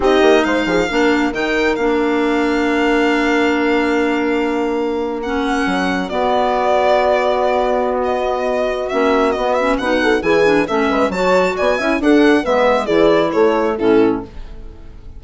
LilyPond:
<<
  \new Staff \with { instrumentName = "violin" } { \time 4/4 \tempo 4 = 135 dis''4 f''2 g''4 | f''1~ | f''2.~ f''8. fis''16~ | fis''4.~ fis''16 d''2~ d''16~ |
d''2 dis''2 | e''4 dis''8 e''8 fis''4 gis''4 | e''4 a''4 gis''4 fis''4 | e''4 d''4 cis''4 a'4 | }
  \new Staff \with { instrumentName = "horn" } { \time 4/4 g'4 c''8 gis'8 ais'2~ | ais'1~ | ais'1~ | ais'4.~ ais'16 fis'2~ fis'16~ |
fis'1~ | fis'2 b'8 a'8 gis'4 | a'8 b'8 cis''4 d''8 e''8 a'4 | b'4 gis'4 a'4 e'4 | }
  \new Staff \with { instrumentName = "clarinet" } { \time 4/4 dis'2 d'4 dis'4 | d'1~ | d'2.~ d'8. cis'16~ | cis'4.~ cis'16 b2~ b16~ |
b1 | cis'4 b8 cis'8 dis'4 e'8 d'8 | cis'4 fis'4. e'8 d'4 | b4 e'2 cis'4 | }
  \new Staff \with { instrumentName = "bassoon" } { \time 4/4 c'8 ais8 gis8 f8 ais4 dis4 | ais1~ | ais1~ | ais8. fis4 b2~ b16~ |
b1 | ais4 b4 b,4 e4 | a8 gis8 fis4 b8 cis'8 d'4 | gis4 e4 a4 a,4 | }
>>